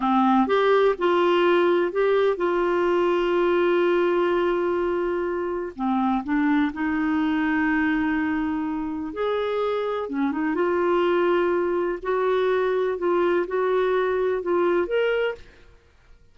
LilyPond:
\new Staff \with { instrumentName = "clarinet" } { \time 4/4 \tempo 4 = 125 c'4 g'4 f'2 | g'4 f'2.~ | f'1 | c'4 d'4 dis'2~ |
dis'2. gis'4~ | gis'4 cis'8 dis'8 f'2~ | f'4 fis'2 f'4 | fis'2 f'4 ais'4 | }